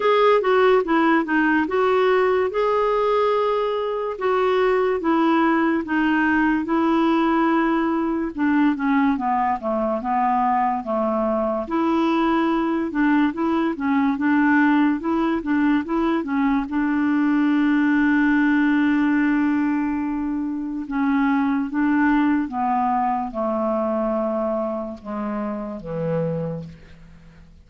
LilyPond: \new Staff \with { instrumentName = "clarinet" } { \time 4/4 \tempo 4 = 72 gis'8 fis'8 e'8 dis'8 fis'4 gis'4~ | gis'4 fis'4 e'4 dis'4 | e'2 d'8 cis'8 b8 a8 | b4 a4 e'4. d'8 |
e'8 cis'8 d'4 e'8 d'8 e'8 cis'8 | d'1~ | d'4 cis'4 d'4 b4 | a2 gis4 e4 | }